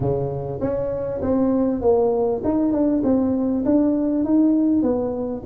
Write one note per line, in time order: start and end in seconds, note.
0.00 0.60 C#3
0.60 1.21 C#4
1.21 1.81 C4
1.81 2.41 A#3
2.44 2.72 D#4
2.72 3.02 D4
3.03 3.64 C4
3.65 4.24 D4
4.24 4.82 D#4
4.82 5.42 B3